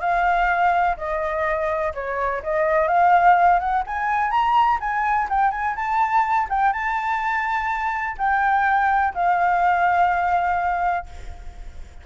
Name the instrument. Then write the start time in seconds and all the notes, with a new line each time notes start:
flute
0.00 F5
0.97 D#5
1.94 C#5
2.43 D#5
2.88 F5
3.59 F#5
3.87 G#5
4.31 A#5
4.80 G#5
5.29 G5
5.51 G#5
5.76 A5
6.49 G5
6.73 A5
8.18 G5
9.14 F5